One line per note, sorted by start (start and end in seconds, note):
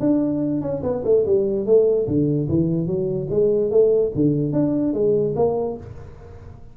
0.00 0.61 D4
0.61 0.82 C#4
0.83 1.03 B3
1.05 1.25 A3
1.26 1.66 G3
1.66 2.07 A3
2.07 2.48 D3
2.49 2.87 E3
2.87 3.28 F#3
3.30 3.71 G#3
3.71 4.12 A3
4.15 4.53 D3
4.53 4.93 D4
4.93 5.34 G#3
5.36 5.77 A#3